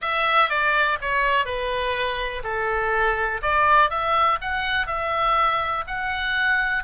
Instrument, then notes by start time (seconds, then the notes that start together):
oboe
0.01 E5
0.49 D5
1.01 C#5
1.45 B4
2.43 A4
3.41 D5
3.90 E5
4.41 F#5
4.86 E5
5.87 F#5